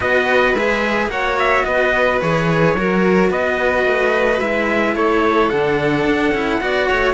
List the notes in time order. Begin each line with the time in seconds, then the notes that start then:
0.00 B3 F#4 B4 D#5
0.54 G#3 G#4 E5
1.07 A#3 F#4 C#5 F#5
1.38 E5
1.65 B3 B4 D#5
2.21 E3 G#4 C#5
2.74 F#3 F#4 A#4
3.30 B3 B4 D#5
3.85 A3
4.40 G#3 E4 E5
4.95 A3 A4 C#5
5.49 D3 D4 F#5
6.05 D4
6.31 C#4 E4
6.61 B3 F#4 D5
6.87 A3 C#5